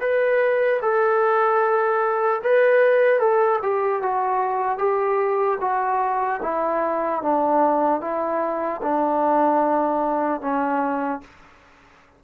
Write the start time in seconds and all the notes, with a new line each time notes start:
0.00 B4
0.82 A4
2.43 B4
3.20 A4
3.62 G4
4.03 F#4
4.78 G4
5.60 F#4
6.42 E4
7.22 D4
8.01 E4
8.83 D4
10.41 C#4